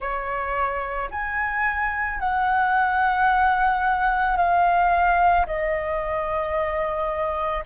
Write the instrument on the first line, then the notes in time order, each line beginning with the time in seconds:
flute
0.00 C#5
1.11 G#5
2.19 F#5
4.36 F5
5.46 D#5